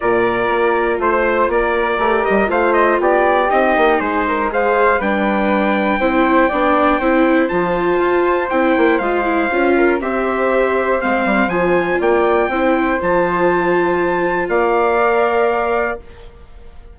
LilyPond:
<<
  \new Staff \with { instrumentName = "trumpet" } { \time 4/4 \tempo 4 = 120 d''2 c''4 d''4~ | d''8 dis''8 f''8 dis''8 d''4 dis''4 | c''4 f''4 g''2~ | g''2. a''4~ |
a''4 g''4 f''2 | e''2 f''4 gis''4 | g''2 a''2~ | a''4 f''2. | }
  \new Staff \with { instrumentName = "flute" } { \time 4/4 ais'2 c''4 ais'4~ | ais'4 c''4 g'2 | gis'8 ais'8 c''4 b'2 | c''4 d''4 c''2~ |
c''2.~ c''8 ais'8 | c''1 | d''4 c''2.~ | c''4 d''2. | }
  \new Staff \with { instrumentName = "viola" } { \time 4/4 f'1 | g'4 f'2 dis'4~ | dis'4 gis'4 d'2 | e'4 d'4 e'4 f'4~ |
f'4 e'4 f'8 e'8 f'4 | g'2 c'4 f'4~ | f'4 e'4 f'2~ | f'2 ais'2 | }
  \new Staff \with { instrumentName = "bassoon" } { \time 4/4 ais,4 ais4 a4 ais4 | a8 g8 a4 b4 c'8 ais8 | gis2 g2 | c'4 b4 c'4 f4 |
f'4 c'8 ais8 gis4 cis'4 | c'2 gis8 g8 f4 | ais4 c'4 f2~ | f4 ais2. | }
>>